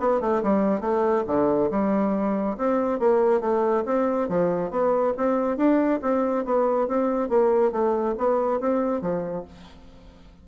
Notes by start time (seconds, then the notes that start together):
0.00 B3
0.21 A3
0.43 G3
0.81 A3
1.27 D3
1.71 G3
2.58 C4
3.00 A#3
3.41 A3
3.86 C4
4.29 F3
4.71 B3
5.17 C4
5.57 D4
6.02 C4
6.45 B3
6.88 C4
7.29 A#3
7.72 A3
8.18 B3
8.61 C4
9.02 F3